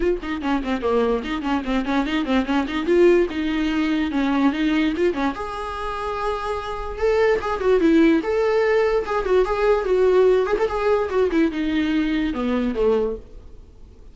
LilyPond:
\new Staff \with { instrumentName = "viola" } { \time 4/4 \tempo 4 = 146 f'8 dis'8 cis'8 c'8 ais4 dis'8 cis'8 | c'8 cis'8 dis'8 c'8 cis'8 dis'8 f'4 | dis'2 cis'4 dis'4 | f'8 cis'8 gis'2.~ |
gis'4 a'4 gis'8 fis'8 e'4 | a'2 gis'8 fis'8 gis'4 | fis'4. gis'16 a'16 gis'4 fis'8 e'8 | dis'2 b4 a4 | }